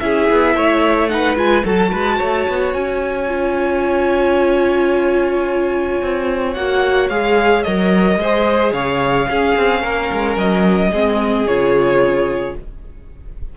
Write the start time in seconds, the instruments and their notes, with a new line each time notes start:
0.00 cello C#4, viola E4, violin G#4 E5
0.30 cello B3
0.56 cello A3, violin C#5
1.08 viola D#4, violin B4 F#5
1.36 cello G#3, viola F4, violin G#5
1.64 cello F#3, viola F#4, violin A4 A5
1.92 cello G#3, violin B4
2.18 cello A3, violin C#5
2.48 cello B3
2.73 cello C#4, violin G#5
3.28 viola F4
6.02 cello C4
6.54 cello A#3, viola F#4, violin F#5
7.09 cello G#3, viola G#4, violin F5
7.63 cello F#3, viola A#4, violin D#5
8.17 cello G#3, violin C5
8.23 viola G#4
8.73 cello C#3, violin C#5 F5
9.28 cello C#4, viola C#4, violin G#4
9.56 cello C4
9.82 cello A#3, violin A#4
10.12 cello G#3
10.37 cello F#3, violin D#5
10.91 cello G#3, viola C4, violin G#4
11.46 cello C#3, viola F4, violin C#5